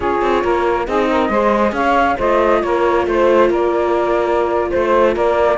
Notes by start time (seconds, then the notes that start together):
0.00 C#4 F4 G#4 C#5
0.21 C4
0.43 A#3 A#4
0.86 C4 D#4 G#4 D#5
1.11 A#4
1.29 G#3 G#4 C5
1.72 C#4 C#5 F5
2.17 A3 F4 C5 D#5
2.62 A#3 A#4 C#5
3.06 A3 C5
3.49 A#3 A#4 D5
4.70 A3 C5
5.12 A#3 A#4 D5